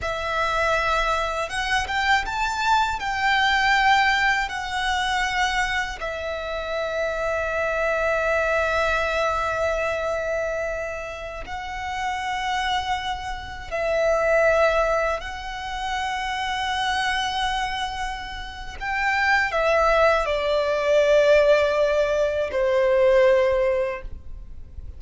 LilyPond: \new Staff \with { instrumentName = "violin" } { \time 4/4 \tempo 4 = 80 e''2 fis''8 g''8 a''4 | g''2 fis''2 | e''1~ | e''2.~ e''16 fis''8.~ |
fis''2~ fis''16 e''4.~ e''16~ | e''16 fis''2.~ fis''8.~ | fis''4 g''4 e''4 d''4~ | d''2 c''2 | }